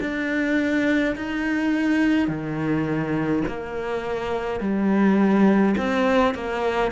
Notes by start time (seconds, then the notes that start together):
0.00 D4
1.16 D#4
2.28 D#3
3.47 A#3
4.60 G3
5.77 C4
6.35 A#3